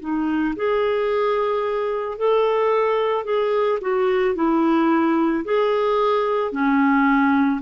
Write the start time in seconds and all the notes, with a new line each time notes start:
0.00 D#4
0.56 G#4
2.18 A4
3.24 G#4
3.81 F#4
4.35 E4
5.44 G#4
6.52 C#4